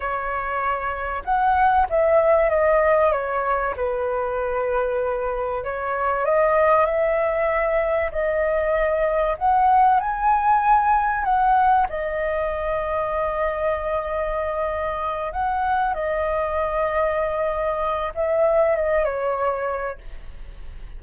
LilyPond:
\new Staff \with { instrumentName = "flute" } { \time 4/4 \tempo 4 = 96 cis''2 fis''4 e''4 | dis''4 cis''4 b'2~ | b'4 cis''4 dis''4 e''4~ | e''4 dis''2 fis''4 |
gis''2 fis''4 dis''4~ | dis''1~ | dis''8 fis''4 dis''2~ dis''8~ | dis''4 e''4 dis''8 cis''4. | }